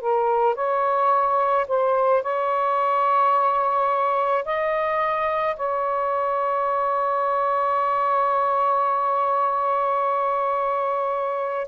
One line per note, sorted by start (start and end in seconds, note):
0.00 0.55 A#4
0.55 1.66 C#5
1.68 2.22 C5
2.22 4.44 C#5
4.45 5.56 D#5
5.57 11.68 C#5